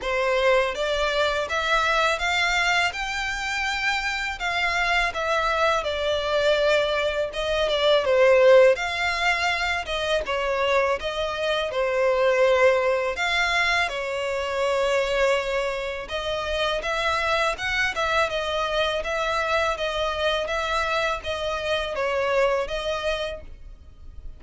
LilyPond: \new Staff \with { instrumentName = "violin" } { \time 4/4 \tempo 4 = 82 c''4 d''4 e''4 f''4 | g''2 f''4 e''4 | d''2 dis''8 d''8 c''4 | f''4. dis''8 cis''4 dis''4 |
c''2 f''4 cis''4~ | cis''2 dis''4 e''4 | fis''8 e''8 dis''4 e''4 dis''4 | e''4 dis''4 cis''4 dis''4 | }